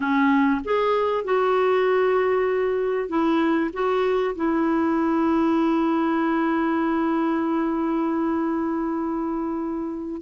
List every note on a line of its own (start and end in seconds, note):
0.00 0.61 C#4
0.64 1.24 G#4
1.24 3.08 F#4
3.08 3.70 E4
3.73 4.35 F#4
4.35 10.21 E4